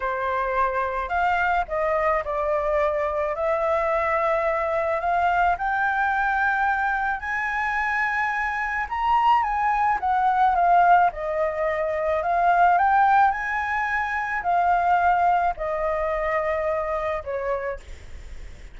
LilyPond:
\new Staff \with { instrumentName = "flute" } { \time 4/4 \tempo 4 = 108 c''2 f''4 dis''4 | d''2 e''2~ | e''4 f''4 g''2~ | g''4 gis''2. |
ais''4 gis''4 fis''4 f''4 | dis''2 f''4 g''4 | gis''2 f''2 | dis''2. cis''4 | }